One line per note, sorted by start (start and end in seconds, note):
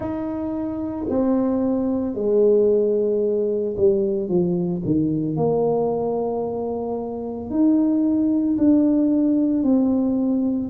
0.00 1.05 D#4
1.09 2.14 C4
2.14 3.75 G#3
3.76 4.28 G3
4.28 4.82 F3
4.85 5.36 D#3
5.36 7.50 A#3
7.50 8.57 D#4
8.57 9.63 D4
9.63 10.69 C4